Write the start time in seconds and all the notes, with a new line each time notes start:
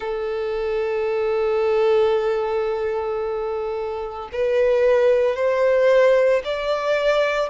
0.00 A4
4.32 B4
5.35 C5
6.44 D5